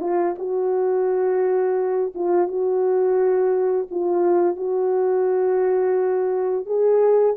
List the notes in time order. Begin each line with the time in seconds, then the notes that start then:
0.00 F4
0.38 F#4
2.14 F4
2.47 F#4
3.90 F4
4.56 F#4
6.65 G#4